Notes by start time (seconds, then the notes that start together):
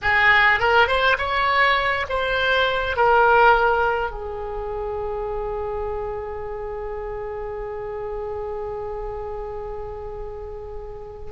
0.02 G#4
0.59 A#4
0.87 C5
1.17 C#5
2.09 C5
2.96 A#4
4.10 G#4